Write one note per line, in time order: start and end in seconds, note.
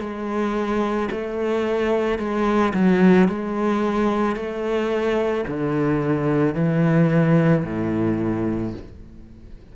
0.00 1.09 G#3
1.12 2.19 A3
2.19 2.74 G#3
2.74 3.29 F#3
3.29 4.36 G#3
4.36 5.45 A3
5.47 6.55 D3
6.55 7.64 E3
7.65 8.74 A2